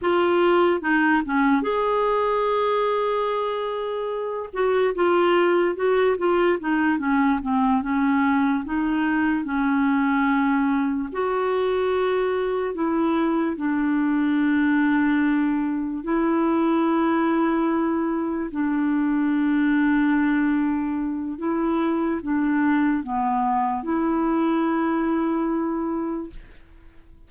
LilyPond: \new Staff \with { instrumentName = "clarinet" } { \time 4/4 \tempo 4 = 73 f'4 dis'8 cis'8 gis'2~ | gis'4. fis'8 f'4 fis'8 f'8 | dis'8 cis'8 c'8 cis'4 dis'4 cis'8~ | cis'4. fis'2 e'8~ |
e'8 d'2. e'8~ | e'2~ e'8 d'4.~ | d'2 e'4 d'4 | b4 e'2. | }